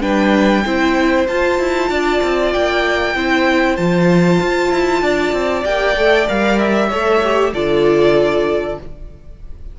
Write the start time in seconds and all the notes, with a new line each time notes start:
0.00 G3 D4 B4 G5
0.65 C4 E4 C5
1.27 F4 A5
1.59 E4
1.89 D4 D5
2.22 C4
2.52 A#3 G5
3.15 C4 E4 C5
3.76 F3 F4 A5
4.40 F4
4.71 E4
5.02 D4 D5
5.32 C4
5.64 A#3 G4 G5
5.96 A3 A4
6.27 G3 A#4 F5
6.58 E5
6.88 A3 A4 C#5
7.23 G4
7.53 D3 F4 A4 D5